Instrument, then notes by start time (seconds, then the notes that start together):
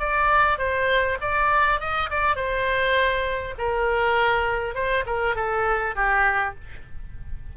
oboe
0.00 D5
0.59 C5
1.22 D5
1.81 D#5
2.11 D5
2.36 C5
3.59 A#4
4.75 C5
5.07 A#4
5.36 A4
5.96 G4